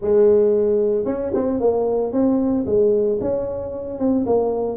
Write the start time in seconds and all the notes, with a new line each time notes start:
0.01 G#3
1.05 C#4
1.34 C4
1.60 A#3
2.12 C4
2.65 G#3
3.21 C#4
3.98 C4
4.26 A#3